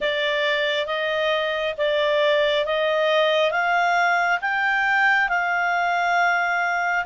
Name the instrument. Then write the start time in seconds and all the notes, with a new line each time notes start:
clarinet
0.00 D5
0.86 D#5
1.77 D5
2.65 D#5
3.51 F5
4.41 G5
5.28 F5